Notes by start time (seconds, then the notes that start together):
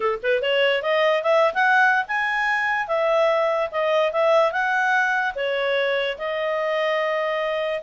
0.00 A4
0.22 B4
0.42 C#5
0.82 D#5
1.22 E5
1.54 F#5
2.07 G#5
2.87 E5
3.71 D#5
4.12 E5
4.52 F#5
5.35 C#5
6.18 D#5